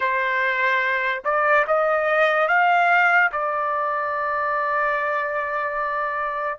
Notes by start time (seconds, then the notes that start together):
0.00 C5
1.24 D5
1.67 D#5
2.48 F5
3.32 D5